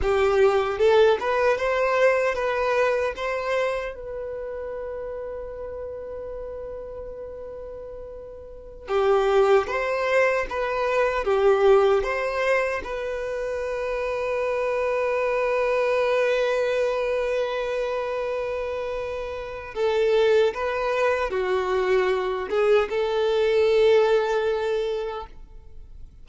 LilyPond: \new Staff \with { instrumentName = "violin" } { \time 4/4 \tempo 4 = 76 g'4 a'8 b'8 c''4 b'4 | c''4 b'2.~ | b'2.~ b'16 g'8.~ | g'16 c''4 b'4 g'4 c''8.~ |
c''16 b'2.~ b'8.~ | b'1~ | b'4 a'4 b'4 fis'4~ | fis'8 gis'8 a'2. | }